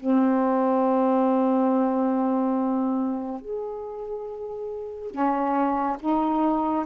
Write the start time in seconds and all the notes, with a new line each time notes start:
0.00 C4
3.41 G#4
5.11 C#4
6.00 D#4